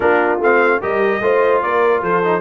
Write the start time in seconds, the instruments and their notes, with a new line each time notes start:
0.00 tuba A#3, trombone D4, horn F4, trumpet A#4
0.39 tuba A3, trombone C4, trumpet F5
0.79 tuba G3, trombone G4, horn A#4, trumpet D#5
1.20 tuba A3, trombone F4, horn C5
1.62 tuba A#3, horn A#4, trumpet D5
2.01 tuba F3, horn A4, trumpet C5
2.24 trombone D#4